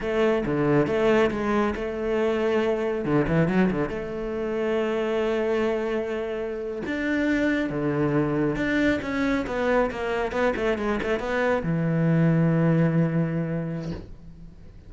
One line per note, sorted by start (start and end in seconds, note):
0.00 0.44 A3
0.45 0.87 D3
0.87 1.30 A3
1.30 1.74 G#3
1.75 3.04 A3
3.04 3.26 D3
3.27 3.48 E3
3.48 3.70 F#3
3.70 3.89 D3
3.89 6.82 A3
6.86 7.70 D4
7.70 8.56 D3
8.56 8.99 D4
9.02 9.45 C#4
9.47 9.90 B3
9.91 10.32 A#3
10.32 10.53 B3
10.56 10.77 A3
10.77 10.99 G#3
11.02 11.19 A3
11.19 11.62 B3
11.63 13.91 E3